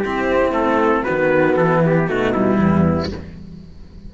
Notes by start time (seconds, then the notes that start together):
0.00 C4 E4 G4
0.52 A3 A4
1.04 B3 F#4 B4
1.11 D#3
1.57 E3 A4
1.83 E4 G4
2.08 B2 A3 D#4 F#4
2.33 G3 E4
2.59 E2 B3